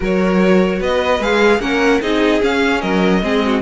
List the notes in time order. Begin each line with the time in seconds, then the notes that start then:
0.00 F#3 F#4 A#4 C#5
0.79 B3 B4 D#5
1.19 G#3 G#4 F5
1.59 A#3 C#4 A#4 F#5
2.01 C4 D#4 G#4 D#5
2.41 C#4 F5
2.81 F#3 A#4 D#5
3.22 G#3 C4 G#4
3.45 F#4